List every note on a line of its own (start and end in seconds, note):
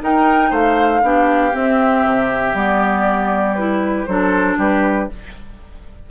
0.00 1.02 D#4
0.00 0.52 D#4
0.00 0.51 A#4
0.00 0.54 G5
0.51 1.03 A3
0.51 1.01 C5
0.51 1.56 F5
1.03 1.54 B3
1.03 1.53 D4
1.03 4.10 G4
1.53 2.54 C4
1.53 2.05 C4
1.53 2.57 E5
2.06 2.54 C3
2.54 4.07 G3
2.54 3.57 B3
2.54 3.55 D5
3.55 4.08 E4
3.55 4.06 B4
4.06 4.58 F#3
4.06 5.10 D4
4.06 4.58 A4
4.06 4.57 C5
4.58 5.09 G3
4.58 5.09 G4
4.58 5.11 B4